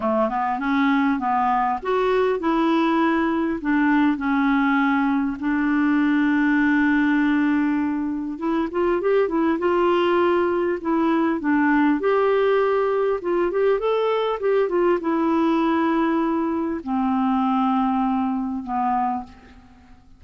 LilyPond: \new Staff \with { instrumentName = "clarinet" } { \time 4/4 \tempo 4 = 100 a8 b8 cis'4 b4 fis'4 | e'2 d'4 cis'4~ | cis'4 d'2.~ | d'2 e'8 f'8 g'8 e'8 |
f'2 e'4 d'4 | g'2 f'8 g'8 a'4 | g'8 f'8 e'2. | c'2. b4 | }